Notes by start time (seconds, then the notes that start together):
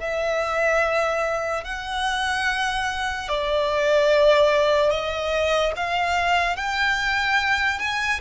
0.00 E5
1.65 F#5
3.29 D5
4.91 D#5
5.76 F5
6.57 G5
7.79 G#5